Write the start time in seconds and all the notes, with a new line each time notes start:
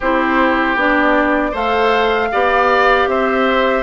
0.00 C4 E4 G4 C5
0.75 B3 D4 D5
1.51 A3 A4 C5 F5
2.32 B3 G4 D5
3.07 C4 C5 E5